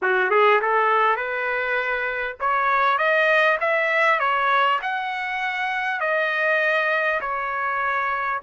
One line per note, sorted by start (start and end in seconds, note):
0.01 0.30 F#4
0.30 0.60 G#4
0.61 1.16 A4
1.16 2.36 B4
2.39 2.98 C#5
2.98 3.58 D#5
3.60 4.19 E5
4.19 4.79 C#5
4.82 6.00 F#5
6.00 7.20 D#5
7.20 8.40 C#5